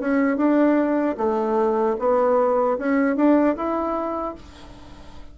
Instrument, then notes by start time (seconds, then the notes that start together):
bassoon
0.00 C#4
0.37 D4
1.18 A3
1.99 B3
2.78 C#4
3.17 D4
3.56 E4